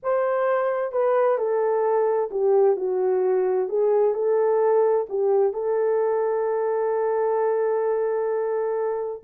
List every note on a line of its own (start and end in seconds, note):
0.02 0.92 C5
0.92 1.37 B4
1.37 2.30 A4
2.31 2.76 G4
2.76 3.68 F#4
3.68 4.14 G#4
4.14 5.06 A4
5.09 5.53 G4
5.53 9.22 A4